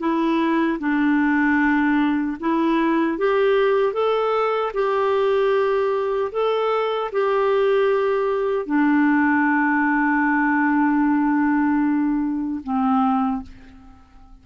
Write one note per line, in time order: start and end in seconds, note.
0.00 0.79 E4
0.80 2.38 D4
2.40 3.18 E4
3.18 3.94 G4
3.94 4.73 A4
4.74 6.32 G4
6.32 7.11 A4
7.13 8.67 G4
8.67 12.61 D4
12.64 13.43 C4